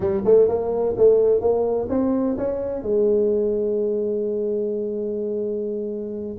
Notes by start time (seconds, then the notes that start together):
0.00 G3
0.24 A3
0.48 A#3
0.97 A3
1.40 A#3
1.89 C4
2.37 C#4
2.82 G#3